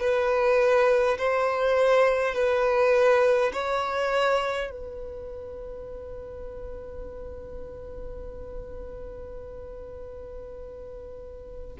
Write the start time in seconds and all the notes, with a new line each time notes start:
0.00 B4
1.18 C5
2.34 B4
3.53 C#5
4.70 B4